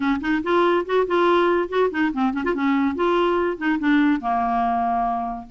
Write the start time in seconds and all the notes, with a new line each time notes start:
0.00 C#4
0.21 D#4
0.43 F4
0.85 F#4
1.07 F4
1.68 F#4
1.90 D#4
2.13 C4
2.33 C#4
2.44 F4
2.54 C#4
2.95 F4
3.57 D#4
3.79 D4
4.20 A#3